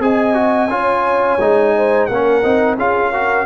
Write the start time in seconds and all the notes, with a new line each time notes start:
0.00 C4 G#4 D#5 G#5
0.34 F#4
0.69 C#4 F4 C#5
1.40 G#3 D#4
1.77 C5
2.06 A#3 A#4 F#5
2.13 C#4
2.43 C4 D#4
2.77 C#4 F4 G#4 F5
3.11 F#4 A#4